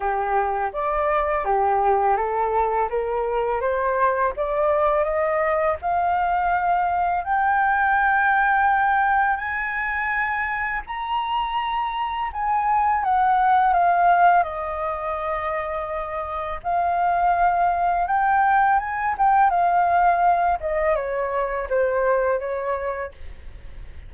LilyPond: \new Staff \with { instrumentName = "flute" } { \time 4/4 \tempo 4 = 83 g'4 d''4 g'4 a'4 | ais'4 c''4 d''4 dis''4 | f''2 g''2~ | g''4 gis''2 ais''4~ |
ais''4 gis''4 fis''4 f''4 | dis''2. f''4~ | f''4 g''4 gis''8 g''8 f''4~ | f''8 dis''8 cis''4 c''4 cis''4 | }